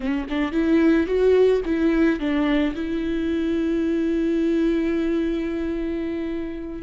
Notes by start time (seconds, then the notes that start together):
0.00 C#4
0.29 D4
0.52 E4
1.06 F#4
1.65 E4
2.19 D4
2.75 E4